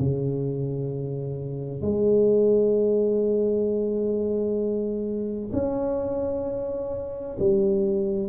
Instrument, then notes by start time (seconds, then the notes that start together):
tuba
0.00 C#3
1.82 G#3
5.53 C#4
7.40 G3